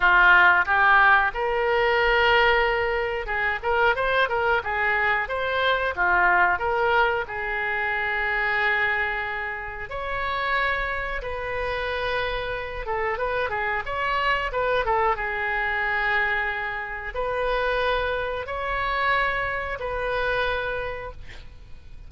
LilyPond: \new Staff \with { instrumentName = "oboe" } { \time 4/4 \tempo 4 = 91 f'4 g'4 ais'2~ | ais'4 gis'8 ais'8 c''8 ais'8 gis'4 | c''4 f'4 ais'4 gis'4~ | gis'2. cis''4~ |
cis''4 b'2~ b'8 a'8 | b'8 gis'8 cis''4 b'8 a'8 gis'4~ | gis'2 b'2 | cis''2 b'2 | }